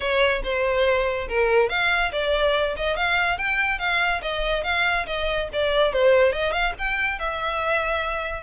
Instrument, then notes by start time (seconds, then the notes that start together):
violin
0.00 C#5
0.43 C5
1.28 A#4
1.69 F5
2.12 D5
2.76 D#5
2.96 F5
3.37 G5
3.79 F5
4.22 D#5
4.63 F5
5.06 D#5
5.52 D5
5.93 C5
6.32 D#5
6.52 F5
6.78 G5
7.18 E5